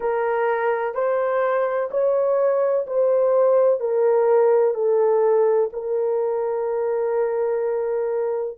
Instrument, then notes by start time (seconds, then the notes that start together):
horn
0.00 A#4
0.94 C5
1.90 C#5
2.86 C5
3.80 A#4
4.74 A4
5.72 A#4